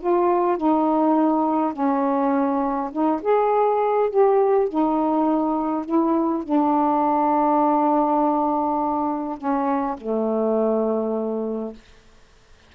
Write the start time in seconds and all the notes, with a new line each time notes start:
0.00 F4
0.57 D#4
1.73 C#4
2.91 D#4
3.22 G#4
4.10 G4
4.68 D#4
5.85 E4
6.43 D4
9.37 C#4
9.97 A3